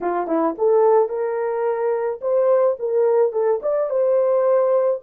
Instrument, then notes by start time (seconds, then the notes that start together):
horn
0.00 F4
0.27 E4
0.57 A4
1.08 A#4
2.21 C5
2.79 A#4
3.32 A4
3.62 D5
3.90 C5